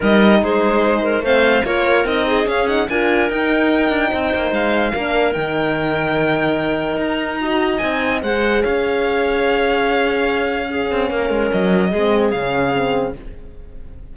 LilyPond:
<<
  \new Staff \with { instrumentName = "violin" } { \time 4/4 \tempo 4 = 146 dis''4 c''2 f''4 | cis''4 dis''4 f''8 fis''8 gis''4 | g''2. f''4~ | f''4 g''2.~ |
g''4 ais''2 gis''4 | fis''4 f''2.~ | f''1 | dis''2 f''2 | }
  \new Staff \with { instrumentName = "clarinet" } { \time 4/4 ais'4 gis'4. ais'8 c''4 | ais'4. gis'4. ais'4~ | ais'2 c''2 | ais'1~ |
ais'2 dis''2 | c''4 cis''2.~ | cis''2 gis'4 ais'4~ | ais'4 gis'2. | }
  \new Staff \with { instrumentName = "horn" } { \time 4/4 dis'2. c'4 | f'4 dis'4 cis'8 dis'8 f'4 | dis'1 | d'4 dis'2.~ |
dis'2 fis'4 dis'4 | gis'1~ | gis'2 cis'2~ | cis'4 c'4 cis'4 c'4 | }
  \new Staff \with { instrumentName = "cello" } { \time 4/4 g4 gis2 a4 | ais4 c'4 cis'4 d'4 | dis'4. d'8 c'8 ais8 gis4 | ais4 dis2.~ |
dis4 dis'2 c'4 | gis4 cis'2.~ | cis'2~ cis'8 c'8 ais8 gis8 | fis4 gis4 cis2 | }
>>